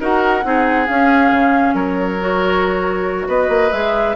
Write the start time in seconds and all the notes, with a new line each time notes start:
0.00 D#4 F#4 A#4 F#5
0.43 C4 D#4 G#4
0.87 C#4 F5
1.31 C#3
1.74 F#3 A#4 C#5
2.19 F#4
3.28 B3 B4 D#5
3.49 A#3
3.72 G#3 G#4 E5